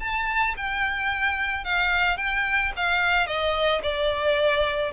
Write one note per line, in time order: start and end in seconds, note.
0.00 0.55 A5
0.57 1.64 G5
1.64 2.17 F5
2.17 2.72 G5
2.76 3.27 F5
3.27 3.81 D#5
3.83 4.92 D5